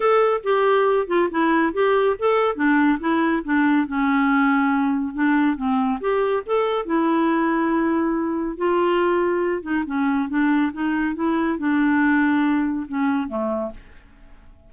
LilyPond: \new Staff \with { instrumentName = "clarinet" } { \time 4/4 \tempo 4 = 140 a'4 g'4. f'8 e'4 | g'4 a'4 d'4 e'4 | d'4 cis'2. | d'4 c'4 g'4 a'4 |
e'1 | f'2~ f'8 dis'8 cis'4 | d'4 dis'4 e'4 d'4~ | d'2 cis'4 a4 | }